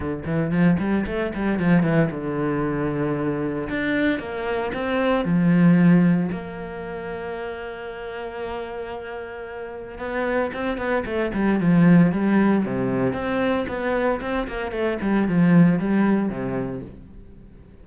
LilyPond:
\new Staff \with { instrumentName = "cello" } { \time 4/4 \tempo 4 = 114 d8 e8 f8 g8 a8 g8 f8 e8 | d2. d'4 | ais4 c'4 f2 | ais1~ |
ais2. b4 | c'8 b8 a8 g8 f4 g4 | c4 c'4 b4 c'8 ais8 | a8 g8 f4 g4 c4 | }